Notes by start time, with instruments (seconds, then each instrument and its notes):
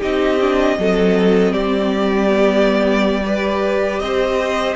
0.00 cello C4, viola D#4, violin G4 D#5
0.41 viola D4
0.78 cello F#3, viola C4, violin A4
1.53 cello G3, violin G4 D5
2.28 viola B3
3.26 viola G4, violin B4
3.99 cello C4, violin C5 D#5